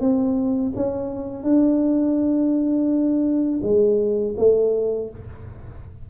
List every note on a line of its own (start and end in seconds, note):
0.00 0.72 C4
0.76 1.43 C#4
1.43 3.60 D4
3.62 4.34 G#3
4.37 5.09 A3